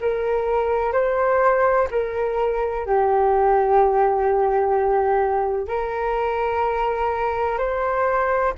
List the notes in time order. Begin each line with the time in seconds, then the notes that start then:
0.00 A#4
0.92 C5
1.90 A#4
2.85 G4
5.68 A#4
7.58 C5